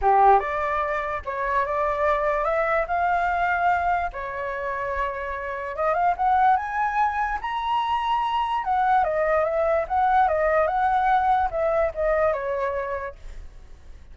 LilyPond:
\new Staff \with { instrumentName = "flute" } { \time 4/4 \tempo 4 = 146 g'4 d''2 cis''4 | d''2 e''4 f''4~ | f''2 cis''2~ | cis''2 dis''8 f''8 fis''4 |
gis''2 ais''2~ | ais''4 fis''4 dis''4 e''4 | fis''4 dis''4 fis''2 | e''4 dis''4 cis''2 | }